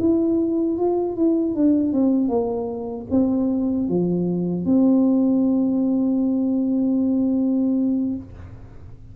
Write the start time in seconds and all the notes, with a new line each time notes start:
0.00 E4
0.78 F4
1.16 E4
1.55 D4
1.93 C4
2.28 A#3
3.11 C4
3.89 F3
4.65 C4